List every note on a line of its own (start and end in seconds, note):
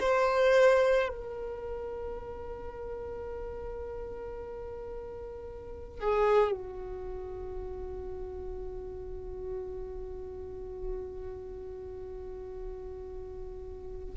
0.00 1.09 C5
1.09 6.00 A#4
6.00 6.52 G#4
6.52 14.15 F#4